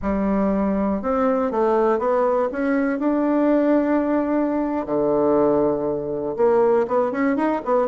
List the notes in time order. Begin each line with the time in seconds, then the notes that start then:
0.02 G3
1.02 C4
1.51 A3
1.99 B3
2.52 C#4
2.99 D4
4.86 D3
6.36 A#3
6.87 B3
7.11 C#4
7.36 D#4
7.64 B3